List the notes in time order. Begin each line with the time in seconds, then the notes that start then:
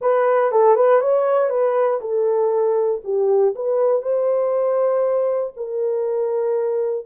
0.01 B4
0.51 A4
0.75 B4
1.00 C#5
1.49 B4
2.00 A4
3.04 G4
3.55 B4
4.02 C5
5.56 A#4